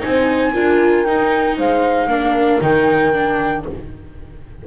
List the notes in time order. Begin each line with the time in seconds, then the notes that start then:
0.00 C4 D#4 C5 G#5
0.53 D4 F4 A#4
1.03 D#4 G5
1.57 G#3 C5 F5
2.07 A#3 D4 A#4
2.61 D#3 D#4 G5
3.12 D4